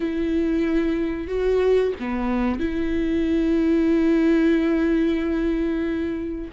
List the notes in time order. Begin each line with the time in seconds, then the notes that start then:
0.00 E4
1.27 F#4
1.99 B3
2.59 E4